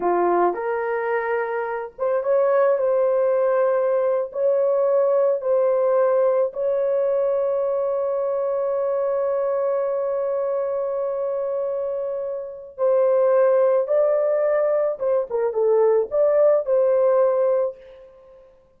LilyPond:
\new Staff \with { instrumentName = "horn" } { \time 4/4 \tempo 4 = 108 f'4 ais'2~ ais'8 c''8 | cis''4 c''2~ c''8. cis''16~ | cis''4.~ cis''16 c''2 cis''16~ | cis''1~ |
cis''1~ | cis''2. c''4~ | c''4 d''2 c''8 ais'8 | a'4 d''4 c''2 | }